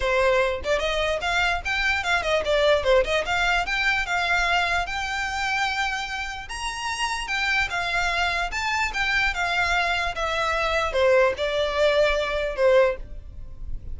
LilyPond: \new Staff \with { instrumentName = "violin" } { \time 4/4 \tempo 4 = 148 c''4. d''8 dis''4 f''4 | g''4 f''8 dis''8 d''4 c''8 dis''8 | f''4 g''4 f''2 | g''1 |
ais''2 g''4 f''4~ | f''4 a''4 g''4 f''4~ | f''4 e''2 c''4 | d''2. c''4 | }